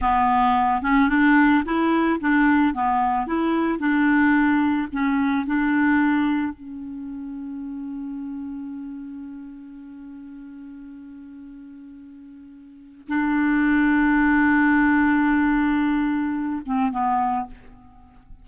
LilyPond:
\new Staff \with { instrumentName = "clarinet" } { \time 4/4 \tempo 4 = 110 b4. cis'8 d'4 e'4 | d'4 b4 e'4 d'4~ | d'4 cis'4 d'2 | cis'1~ |
cis'1~ | cis'1 | d'1~ | d'2~ d'8 c'8 b4 | }